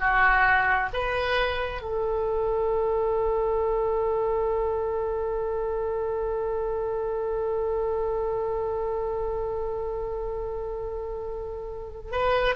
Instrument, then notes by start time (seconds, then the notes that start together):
oboe
0.00 F#4
0.94 B4
1.82 A4
12.12 B4